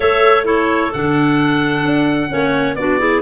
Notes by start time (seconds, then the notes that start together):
0.00 A3 A4 C#5 E5
0.44 E4 A4 C#5
0.92 D3 D4 F#5
1.84 D4
2.28 A#3 C#4 C#5
2.75 B3 D4 F#4 D5
2.98 E4 G#4